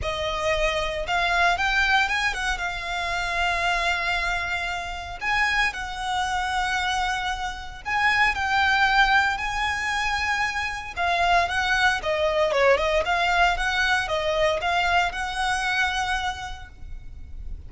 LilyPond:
\new Staff \with { instrumentName = "violin" } { \time 4/4 \tempo 4 = 115 dis''2 f''4 g''4 | gis''8 fis''8 f''2.~ | f''2 gis''4 fis''4~ | fis''2. gis''4 |
g''2 gis''2~ | gis''4 f''4 fis''4 dis''4 | cis''8 dis''8 f''4 fis''4 dis''4 | f''4 fis''2. | }